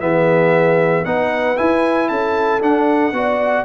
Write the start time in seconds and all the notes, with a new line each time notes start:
0.00 E3 B3 G#4 E5
1.05 B3 D#4 B4 F#5
1.56 E4 G#5
2.08 C#4 A4 A5
2.60 D4 F#5
3.12 B3 F#4 D5